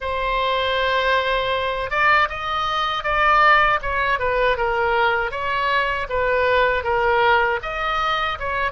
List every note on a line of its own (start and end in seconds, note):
0.00 1.90 C5
1.90 2.28 D5
2.29 3.03 D#5
3.03 3.79 D5
3.82 4.19 C#5
4.19 4.57 B4
4.57 5.31 A#4
5.31 6.07 C#5
6.09 6.83 B4
6.83 7.59 A#4
7.62 8.38 D#5
8.39 8.71 C#5